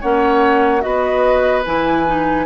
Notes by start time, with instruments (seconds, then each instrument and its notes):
0.00 bassoon A#3, clarinet C#4, oboe C#5, flute F#5
0.81 bassoon B3, clarinet F#4, oboe B4, flute D#5
1.65 bassoon E3, clarinet E4, flute G#5
2.07 clarinet D#4